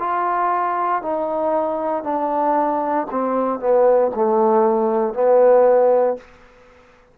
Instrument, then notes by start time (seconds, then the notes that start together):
trombone
0.00 F4
1.03 D#4
2.04 D4
3.12 C4
3.60 B3
4.15 A3
5.14 B3